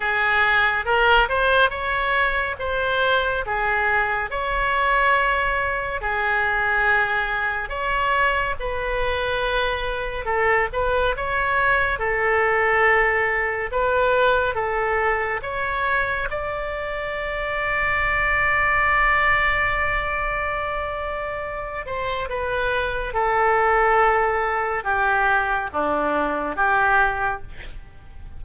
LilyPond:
\new Staff \with { instrumentName = "oboe" } { \time 4/4 \tempo 4 = 70 gis'4 ais'8 c''8 cis''4 c''4 | gis'4 cis''2 gis'4~ | gis'4 cis''4 b'2 | a'8 b'8 cis''4 a'2 |
b'4 a'4 cis''4 d''4~ | d''1~ | d''4. c''8 b'4 a'4~ | a'4 g'4 d'4 g'4 | }